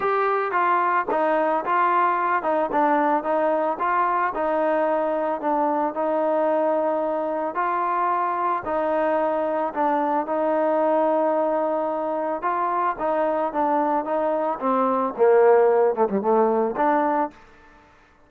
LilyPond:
\new Staff \with { instrumentName = "trombone" } { \time 4/4 \tempo 4 = 111 g'4 f'4 dis'4 f'4~ | f'8 dis'8 d'4 dis'4 f'4 | dis'2 d'4 dis'4~ | dis'2 f'2 |
dis'2 d'4 dis'4~ | dis'2. f'4 | dis'4 d'4 dis'4 c'4 | ais4. a16 g16 a4 d'4 | }